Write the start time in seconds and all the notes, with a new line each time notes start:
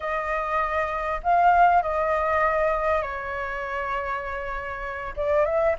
0.00 D#5
1.23 F5
1.82 D#5
3.01 C#5
5.16 D5
5.45 E5